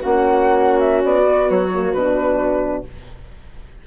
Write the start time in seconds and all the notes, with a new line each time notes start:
0.00 A#3 C#4 F#4 F#5
0.79 E5
1.04 B3 D5
1.24 B3
1.49 F#3 C#5
1.73 A#3
1.93 B2 D4 B4